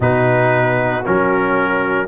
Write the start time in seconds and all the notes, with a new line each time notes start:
0.00 B2 D#4 F#4 B4
1.05 F#3 C#4 A#4